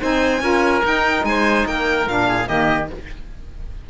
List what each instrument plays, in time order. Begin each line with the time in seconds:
0.00 cello C4, saxophone D#4, oboe C5, violin G#5
0.41 cello C#4, saxophone F4, oboe A#4
0.82 saxophone D#4, cello D#4, violin G5
1.23 cello G#3, oboe C5, violin G#5
1.65 cello A#3, oboe A#4, violin G5
2.07 cello A#2, saxophone D4, violin F5
2.27 oboe G#4
2.46 cello D#3, saxophone A#3, oboe G4, violin D#5